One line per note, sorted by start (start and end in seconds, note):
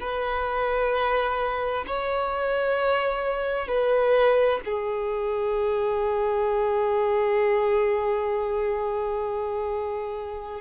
0.00 1.85 B4
1.87 3.67 C#5
3.67 4.59 B4
4.64 10.61 G#4